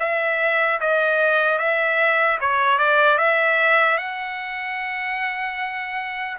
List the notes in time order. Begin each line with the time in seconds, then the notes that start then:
0.00 E5
0.81 D#5
1.59 E5
2.41 C#5
2.79 D5
3.19 E5
3.98 F#5